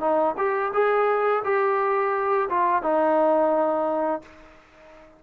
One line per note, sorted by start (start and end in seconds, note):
0.00 0.35 D#4
0.37 0.72 G4
0.73 1.43 G#4
1.44 2.49 G4
2.49 2.82 F4
2.82 4.22 D#4